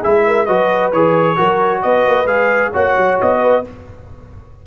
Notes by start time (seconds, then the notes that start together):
0.00 G#3 E4 G#4 E5
0.27 A#4
0.46 F#3 F#4 B4 D#5
0.93 E3 G#4 C#5
1.37 F#3 F#4 A#4
1.83 B3 B4 D#5
2.06 A#3
2.26 G#3 G#4 F5
2.73 A#3 F#4 C#5 F#5
2.97 F#3
3.22 B3 D#5
3.42 B4